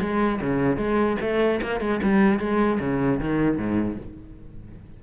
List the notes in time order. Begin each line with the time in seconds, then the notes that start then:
0.00 G#3
0.41 C#3
0.77 G#3
1.21 A3
1.61 A#3
1.80 G#3
2.02 G3
2.39 G#3
2.80 C#3
3.20 D#3
3.57 G#2